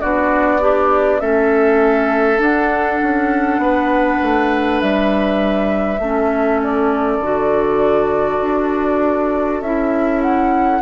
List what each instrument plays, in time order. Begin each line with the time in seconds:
0.00 bassoon B3, clarinet D4, oboe F#4, flute D5
0.60 oboe D4, clarinet G4
1.19 bassoon A3, clarinet C#4, oboe A4, flute E5
2.37 clarinet D4, bassoon D4, flute F#5
3.02 bassoon C#4
3.58 bassoon B3, oboe B4
4.22 bassoon A3
4.80 bassoon G3, flute E5
5.99 bassoon A3, clarinet C#4, oboe A4
6.62 flute D5
7.19 bassoon D3, clarinet F#4
8.41 bassoon D4
9.61 bassoon C#4, clarinet E4, flute E5
10.21 flute F#5